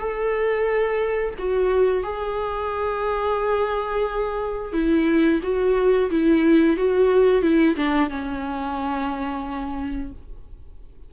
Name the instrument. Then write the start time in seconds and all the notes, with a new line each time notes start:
viola
0.00 A4
1.39 F#4
2.03 G#4
4.73 E4
5.43 F#4
6.11 E4
6.77 F#4
7.42 E4
7.76 D4
8.10 C#4